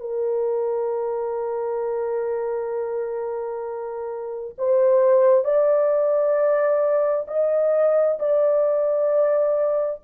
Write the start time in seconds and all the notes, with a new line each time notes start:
0.00 A#4
4.58 C5
5.44 D5
7.28 D#5
8.19 D5